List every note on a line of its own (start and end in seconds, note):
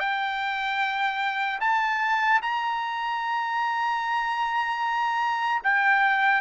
0.00 1.60 G5
1.61 2.41 A5
2.43 5.63 A#5
5.64 6.42 G5